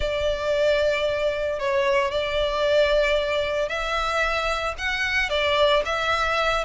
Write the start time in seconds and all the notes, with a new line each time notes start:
0.00 D5
1.59 C#5
2.11 D5
3.68 E5
4.78 F#5
5.29 D5
5.85 E5